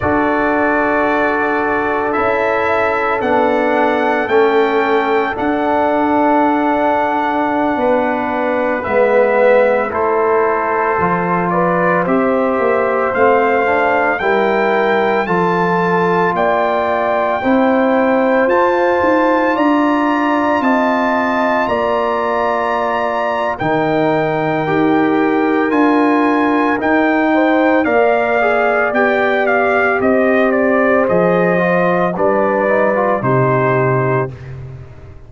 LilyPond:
<<
  \new Staff \with { instrumentName = "trumpet" } { \time 4/4 \tempo 4 = 56 d''2 e''4 fis''4 | g''4 fis''2.~ | fis''16 e''4 c''4. d''8 e''8.~ | e''16 f''4 g''4 a''4 g''8.~ |
g''4~ g''16 a''4 ais''4 a''8.~ | a''16 ais''4.~ ais''16 g''2 | gis''4 g''4 f''4 g''8 f''8 | dis''8 d''8 dis''4 d''4 c''4 | }
  \new Staff \with { instrumentName = "horn" } { \time 4/4 a'1~ | a'2.~ a'16 b'8.~ | b'4~ b'16 a'4. b'8 c''8.~ | c''4~ c''16 ais'4 a'4 d''8.~ |
d''16 c''2 d''4 dis''8.~ | dis''16 d''4.~ d''16 ais'2~ | ais'4. c''8 d''2 | c''2 b'4 g'4 | }
  \new Staff \with { instrumentName = "trombone" } { \time 4/4 fis'2 e'4 d'4 | cis'4 d'2.~ | d'16 b4 e'4 f'4 g'8.~ | g'16 c'8 d'8 e'4 f'4.~ f'16~ |
f'16 e'4 f'2~ f'8.~ | f'2 dis'4 g'4 | f'4 dis'4 ais'8 gis'8 g'4~ | g'4 gis'8 f'8 d'8 dis'16 f'16 dis'4 | }
  \new Staff \with { instrumentName = "tuba" } { \time 4/4 d'2 cis'4 b4 | a4 d'2~ d'16 b8.~ | b16 gis4 a4 f4 c'8 ais16~ | ais16 a4 g4 f4 ais8.~ |
ais16 c'4 f'8 dis'8 d'4 c'8.~ | c'16 ais4.~ ais16 dis4 dis'4 | d'4 dis'4 ais4 b4 | c'4 f4 g4 c4 | }
>>